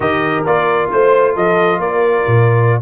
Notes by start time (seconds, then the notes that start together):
0.00 D#3 G4 A#4 D#5
0.45 A#3 F4 D5
0.91 A3 C5
1.34 F3 A4 D#5
1.78 A#3 A#4 D5
2.26 A#2